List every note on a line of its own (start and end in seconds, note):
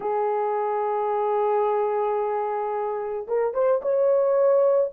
0.00 3.26 G#4
3.27 3.53 A#4
3.53 3.81 C5
3.82 4.91 C#5